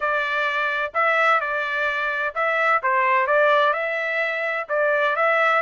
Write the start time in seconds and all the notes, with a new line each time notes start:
0.00 D5
0.94 E5
1.40 D5
2.35 E5
2.83 C5
3.26 D5
3.73 E5
4.69 D5
5.16 E5